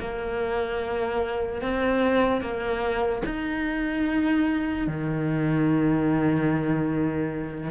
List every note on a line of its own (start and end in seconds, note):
0.00 1.62 A#3
1.62 2.41 C4
2.41 3.22 A#3
3.26 4.88 D#4
4.88 7.71 D#3